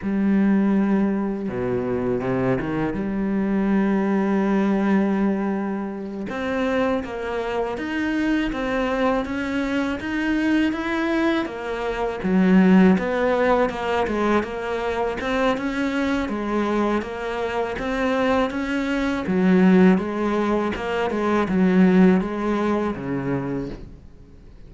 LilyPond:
\new Staff \with { instrumentName = "cello" } { \time 4/4 \tempo 4 = 81 g2 b,4 c8 dis8 | g1~ | g8 c'4 ais4 dis'4 c'8~ | c'8 cis'4 dis'4 e'4 ais8~ |
ais8 fis4 b4 ais8 gis8 ais8~ | ais8 c'8 cis'4 gis4 ais4 | c'4 cis'4 fis4 gis4 | ais8 gis8 fis4 gis4 cis4 | }